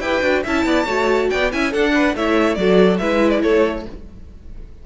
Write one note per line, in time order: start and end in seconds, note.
0.00 0.21 E4
0.00 0.23 G4
0.00 0.43 B4
0.00 0.43 G5
0.21 0.43 D4
0.21 0.44 F#4
0.43 0.65 C#4
0.43 0.87 E4
0.43 0.65 E5
0.43 1.30 A5
0.65 0.86 B3
0.65 0.85 D5
0.85 1.30 A3
0.85 1.51 F#4
0.85 1.28 C#5
1.30 1.54 B3
1.30 1.52 D5
1.30 1.51 G5
1.52 1.74 C#4
1.52 1.73 E4
1.52 1.71 E5
1.52 1.73 G#5
1.71 2.16 D4
1.71 2.15 D4
1.71 1.92 A4
1.71 2.16 F#5
1.94 2.15 B4
2.15 2.57 A3
2.15 2.59 E4
2.15 2.58 C#5
2.15 2.55 E5
2.55 2.99 F#3
2.55 3.01 F#4
2.55 3.00 A4
2.55 2.97 D5
2.98 3.43 G#3
2.98 3.86 E4
2.98 3.42 B4
2.98 3.30 E5
3.30 3.40 D5
3.42 3.86 A3
3.42 3.85 A4
3.42 3.85 C#5